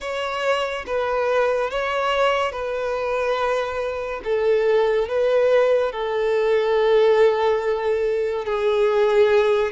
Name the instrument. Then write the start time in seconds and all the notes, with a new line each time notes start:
violin
0.00 C#5
0.86 B4
1.70 C#5
2.51 B4
4.24 A4
5.08 B4
5.92 A4
8.45 G#4